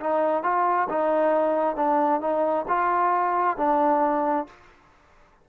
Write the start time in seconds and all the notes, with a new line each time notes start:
0.00 D#4
0.43 F4
0.89 D#4
1.76 D4
2.21 D#4
2.68 F4
3.57 D4